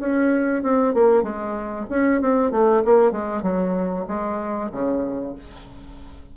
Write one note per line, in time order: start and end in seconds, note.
0.00 0.63 C#4
0.63 0.94 C4
0.94 1.23 A#3
1.23 1.87 G#3
1.90 2.22 C#4
2.22 2.52 C4
2.52 2.83 A3
2.85 3.12 A#3
3.12 3.43 G#3
3.43 4.06 F#3
4.08 4.71 G#3
4.72 5.35 C#3